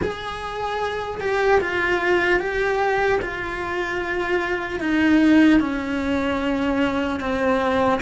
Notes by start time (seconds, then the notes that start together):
0.02 G#4
1.20 G4
1.60 F4
2.39 G4
3.21 F4
4.80 D#4
5.60 C#4
7.20 C4